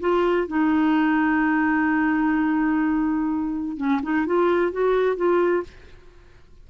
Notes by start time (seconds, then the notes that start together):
0.00 F4
0.47 D#4
3.77 C#4
4.02 D#4
4.26 F4
4.71 F#4
5.16 F4